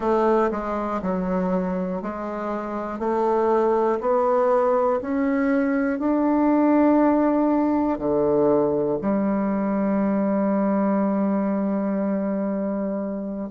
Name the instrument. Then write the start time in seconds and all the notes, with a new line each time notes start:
bassoon
0.00 A3
0.51 G#3
1.01 F#3
2.01 G#3
2.99 A3
4.00 B3
5.01 C#4
5.99 D4
7.98 D3
9.01 G3